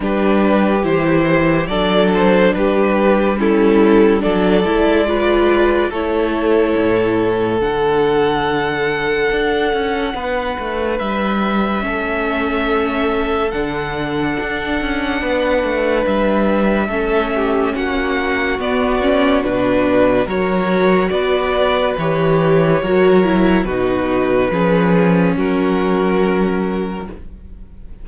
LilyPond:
<<
  \new Staff \with { instrumentName = "violin" } { \time 4/4 \tempo 4 = 71 b'4 c''4 d''8 c''8 b'4 | a'4 d''2 cis''4~ | cis''4 fis''2.~ | fis''4 e''2. |
fis''2. e''4~ | e''4 fis''4 d''4 b'4 | cis''4 d''4 cis''2 | b'2 ais'2 | }
  \new Staff \with { instrumentName = "violin" } { \time 4/4 g'2 a'4 g'4 | e'4 a'4 b'4 a'4~ | a'1 | b'2 a'2~ |
a'2 b'2 | a'8 g'8 fis'2. | ais'4 b'2 ais'4 | fis'4 gis'4 fis'2 | }
  \new Staff \with { instrumentName = "viola" } { \time 4/4 d'4 e'4 d'2 | cis'4 d'8 e'8 f'4 e'4~ | e'4 d'2.~ | d'2 cis'2 |
d'1 | cis'2 b8 cis'8 d'4 | fis'2 g'4 fis'8 e'8 | dis'4 cis'2. | }
  \new Staff \with { instrumentName = "cello" } { \time 4/4 g4 e4 fis4 g4~ | g4 fis8 gis4. a4 | a,4 d2 d'8 cis'8 | b8 a8 g4 a2 |
d4 d'8 cis'8 b8 a8 g4 | a4 ais4 b4 b,4 | fis4 b4 e4 fis4 | b,4 f4 fis2 | }
>>